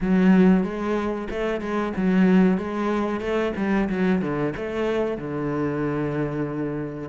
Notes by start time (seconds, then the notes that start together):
0.01 F#3
0.63 G#3
1.30 A3
1.60 G#3
1.96 F#3
2.57 G#3
3.20 A3
3.56 G3
3.89 F#3
4.21 D3
4.56 A3
5.17 D3